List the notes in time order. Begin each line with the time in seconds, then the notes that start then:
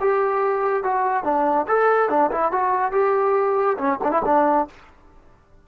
0.00 G4
0.83 F#4
1.23 D4
1.67 A4
2.09 D4
2.31 E4
2.51 F#4
2.91 G4
3.78 C#4
4.03 D4
4.11 E4
4.25 D4